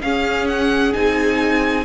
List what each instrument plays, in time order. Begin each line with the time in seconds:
0.00 cello C#4, viola C#4, violin G#4 F5
0.47 violin F#5
0.93 cello C4, viola D#4, violin G#5